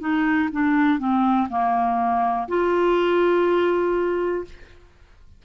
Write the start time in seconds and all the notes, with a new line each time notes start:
0.00 D#4
0.52 D4
0.99 C4
1.49 A#3
2.48 F4